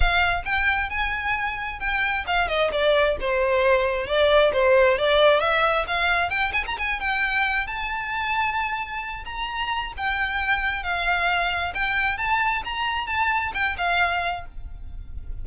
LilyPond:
\new Staff \with { instrumentName = "violin" } { \time 4/4 \tempo 4 = 133 f''4 g''4 gis''2 | g''4 f''8 dis''8 d''4 c''4~ | c''4 d''4 c''4 d''4 | e''4 f''4 g''8 gis''16 ais''16 gis''8 g''8~ |
g''4 a''2.~ | a''8 ais''4. g''2 | f''2 g''4 a''4 | ais''4 a''4 g''8 f''4. | }